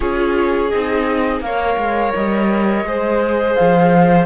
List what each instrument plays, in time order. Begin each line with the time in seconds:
0.00 cello C#4, viola F4, violin G#4, flute C#5
0.69 cello C4, viola D#4, flute D#5
1.40 cello A#3, viola A#4, violin C#5, flute F5
1.77 cello G#3
2.14 cello G3, flute D#5
2.84 cello G#3, viola G#4, violin C5
3.54 cello F3, flute F5